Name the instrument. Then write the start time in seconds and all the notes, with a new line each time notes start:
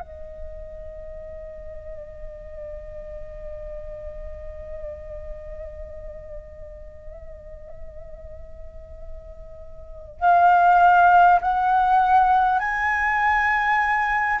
flute
0.00 D#5
10.19 F5
11.41 F#5
12.59 G#5